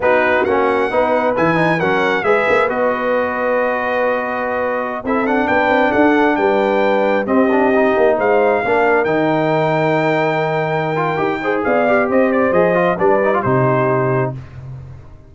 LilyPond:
<<
  \new Staff \with { instrumentName = "trumpet" } { \time 4/4 \tempo 4 = 134 b'4 fis''2 gis''4 | fis''4 e''4 dis''2~ | dis''2.~ dis''16 e''8 fis''16~ | fis''16 g''4 fis''4 g''4.~ g''16~ |
g''16 dis''2 f''4.~ f''16~ | f''16 g''2.~ g''8.~ | g''2 f''4 dis''8 d''8 | dis''4 d''4 c''2 | }
  \new Staff \with { instrumentName = "horn" } { \time 4/4 fis'2 b'2 | ais'4 b'2.~ | b'2.~ b'16 a'8.~ | a'16 b'4 a'4 b'4.~ b'16~ |
b'16 g'2 c''4 ais'8.~ | ais'1~ | ais'4. c''8 d''4 c''4~ | c''4 b'4 g'2 | }
  \new Staff \with { instrumentName = "trombone" } { \time 4/4 dis'4 cis'4 dis'4 e'8 dis'8 | cis'4 gis'4 fis'2~ | fis'2.~ fis'16 e'8 d'16~ | d'1~ |
d'16 c'8 d'8 dis'2 d'8.~ | d'16 dis'2.~ dis'8.~ | dis'8 f'8 g'8 gis'4 g'4. | gis'8 f'8 d'8 dis'16 f'16 dis'2 | }
  \new Staff \with { instrumentName = "tuba" } { \time 4/4 b4 ais4 b4 e4 | fis4 gis8 ais8 b2~ | b2.~ b16 c'8.~ | c'16 b8 c'8 d'4 g4.~ g16~ |
g16 c'4. ais8 gis4 ais8.~ | ais16 dis2.~ dis8.~ | dis4 dis'4 b4 c'4 | f4 g4 c2 | }
>>